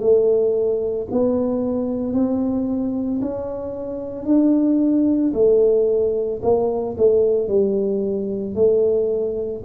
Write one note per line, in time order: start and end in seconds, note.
0.00 1.07 A3
1.12 2.14 B3
2.14 3.21 C4
3.22 4.26 C#4
4.26 5.33 D4
5.34 6.41 A3
6.42 6.96 A#3
6.98 7.48 A3
7.48 8.55 G3
8.55 9.62 A3